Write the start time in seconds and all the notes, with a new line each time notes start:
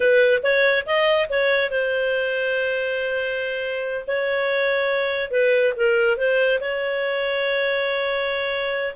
0.00 B4
0.43 C#5
0.85 D#5
1.29 C#5
1.70 C5
4.07 C#5
5.31 B4
5.76 A#4
6.17 C5
6.60 C#5